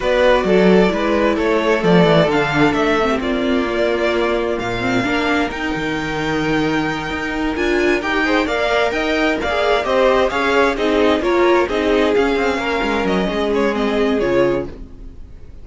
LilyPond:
<<
  \new Staff \with { instrumentName = "violin" } { \time 4/4 \tempo 4 = 131 d''2. cis''4 | d''4 f''4 e''4 d''4~ | d''2 f''2 | g''1~ |
g''8 gis''4 g''4 f''4 g''8~ | g''8 f''4 dis''4 f''4 dis''8~ | dis''8 cis''4 dis''4 f''4.~ | f''8 dis''4 cis''8 dis''4 cis''4 | }
  \new Staff \with { instrumentName = "violin" } { \time 4/4 b'4 a'4 b'4 a'4~ | a'2~ a'8. g'16 f'4~ | f'2. ais'4~ | ais'1~ |
ais'2 c''8 d''4 dis''8~ | dis''8 d''4 c''4 cis''4 gis'8~ | gis'8 ais'4 gis'2 ais'8~ | ais'4 gis'2. | }
  \new Staff \with { instrumentName = "viola" } { \time 4/4 fis'2 e'2 | a4 d'4. c'4. | ais2~ ais8 c'8 d'4 | dis'1~ |
dis'8 f'4 g'8 gis'8 ais'4.~ | ais'8. gis'8. g'4 gis'4 dis'8~ | dis'8 f'4 dis'4 cis'4.~ | cis'2 c'4 f'4 | }
  \new Staff \with { instrumentName = "cello" } { \time 4/4 b4 fis4 gis4 a4 | f8 e8 d4 a4 ais4~ | ais2 ais,4 ais4 | dis'8 dis2. dis'8~ |
dis'8 d'4 dis'4 ais4 dis'8~ | dis'8 ais4 c'4 cis'4 c'8~ | c'8 ais4 c'4 cis'8 c'8 ais8 | gis8 fis8 gis2 cis4 | }
>>